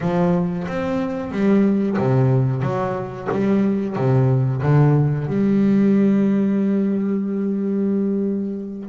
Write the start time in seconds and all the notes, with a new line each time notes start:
0.00 F3
0.67 C4
1.31 G3
1.98 C3
2.62 F#3
3.31 G3
3.96 C3
4.62 D3
5.27 G3